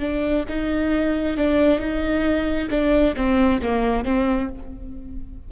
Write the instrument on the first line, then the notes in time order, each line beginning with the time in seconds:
viola
0.00 D4
0.49 D#4
1.37 D4
1.79 D#4
2.70 D4
3.16 C4
3.62 A#3
4.05 C4